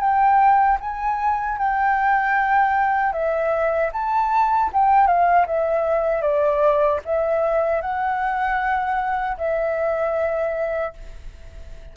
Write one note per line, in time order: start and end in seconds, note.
0.00 0.78 G5
0.80 1.58 G#5
1.58 3.13 G5
3.13 3.91 E5
3.93 4.71 A5
4.73 5.07 G5
5.07 5.46 F5
5.47 6.22 E5
6.22 7.00 D5
7.05 7.81 E5
7.81 9.37 F#5
9.38 10.93 E5